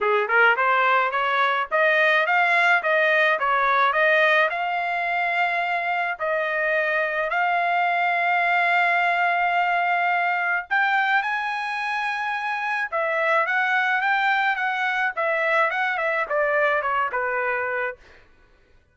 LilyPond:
\new Staff \with { instrumentName = "trumpet" } { \time 4/4 \tempo 4 = 107 gis'8 ais'8 c''4 cis''4 dis''4 | f''4 dis''4 cis''4 dis''4 | f''2. dis''4~ | dis''4 f''2.~ |
f''2. g''4 | gis''2. e''4 | fis''4 g''4 fis''4 e''4 | fis''8 e''8 d''4 cis''8 b'4. | }